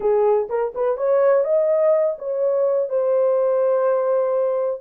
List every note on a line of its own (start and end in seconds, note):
0.00 0.48 G#4
0.49 0.73 A#4
0.74 0.97 B4
0.97 1.44 C#5
1.44 2.16 D#5
2.18 2.89 C#5
2.89 4.81 C5